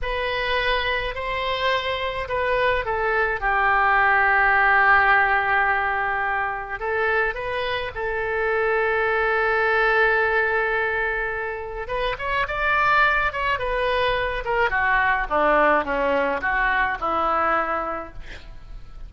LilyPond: \new Staff \with { instrumentName = "oboe" } { \time 4/4 \tempo 4 = 106 b'2 c''2 | b'4 a'4 g'2~ | g'1 | a'4 b'4 a'2~ |
a'1~ | a'4 b'8 cis''8 d''4. cis''8 | b'4. ais'8 fis'4 d'4 | cis'4 fis'4 e'2 | }